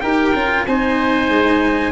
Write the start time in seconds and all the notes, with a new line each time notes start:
0.00 D#4 G4 A#4 G5
0.34 C#4 F4
0.66 C4 D#4 C5 G#5
1.29 G#3